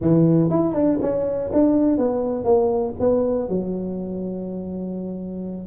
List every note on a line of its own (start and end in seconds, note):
0.01 0.50 E3
0.50 0.73 E4
0.73 0.98 D4
1.01 1.51 C#4
1.52 1.97 D4
1.97 2.44 B3
2.44 2.93 A#3
2.99 3.48 B3
3.48 5.67 F#3